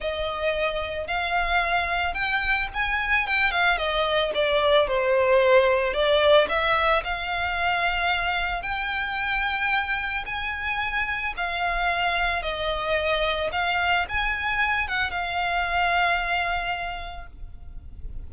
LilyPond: \new Staff \with { instrumentName = "violin" } { \time 4/4 \tempo 4 = 111 dis''2 f''2 | g''4 gis''4 g''8 f''8 dis''4 | d''4 c''2 d''4 | e''4 f''2. |
g''2. gis''4~ | gis''4 f''2 dis''4~ | dis''4 f''4 gis''4. fis''8 | f''1 | }